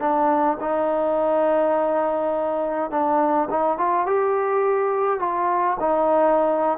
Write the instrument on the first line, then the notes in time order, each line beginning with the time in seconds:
trombone
0.00 D4
0.60 D#4
2.91 D4
3.50 D#4
3.78 F4
4.06 G4
5.20 F4
5.80 D#4